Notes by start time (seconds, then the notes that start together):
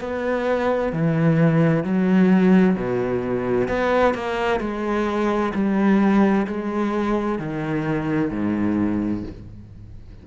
0.00 B3
0.92 E3
1.84 F#3
2.76 B2
3.68 B3
4.14 A#3
4.60 G#3
5.54 G3
6.47 G#3
7.39 D#3
8.31 G#2